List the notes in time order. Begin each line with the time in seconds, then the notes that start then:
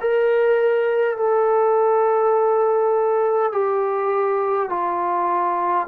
0.00 A#4
1.17 A4
3.52 G4
4.69 F4